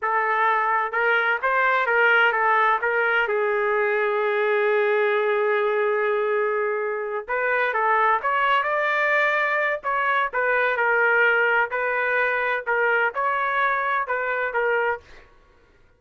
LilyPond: \new Staff \with { instrumentName = "trumpet" } { \time 4/4 \tempo 4 = 128 a'2 ais'4 c''4 | ais'4 a'4 ais'4 gis'4~ | gis'1~ | gis'2.~ gis'8 b'8~ |
b'8 a'4 cis''4 d''4.~ | d''4 cis''4 b'4 ais'4~ | ais'4 b'2 ais'4 | cis''2 b'4 ais'4 | }